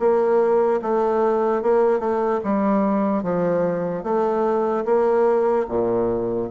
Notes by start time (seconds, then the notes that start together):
0.00 A#3
0.83 A3
1.63 A#3
2.00 A3
2.44 G3
3.24 F3
4.04 A3
4.85 A#3
5.69 A#2